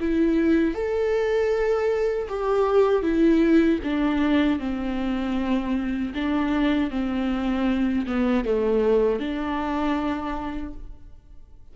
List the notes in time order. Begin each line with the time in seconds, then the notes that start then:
0.00 E4
0.74 A4
2.29 G4
3.02 E4
3.84 D4
4.59 C4
6.14 D4
6.90 C4
8.06 B3
8.45 A3
9.20 D4